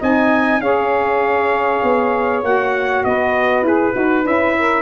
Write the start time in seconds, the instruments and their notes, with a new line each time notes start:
0.00 tuba C4, saxophone D#4 D#5, trumpet G#5
0.60 tuba C#4, saxophone G#4 C#5, trumpet F5
1.83 tuba B3
2.43 tuba A#3, saxophone F#4, trumpet F#5
3.04 tuba B3, saxophone B4, trumpet D#5
3.62 tuba E4, saxophone G#4, trumpet B4
3.93 tuba D#4, saxophone F#4
4.23 tuba C#4, saxophone E4, trumpet E5
4.57 saxophone A#4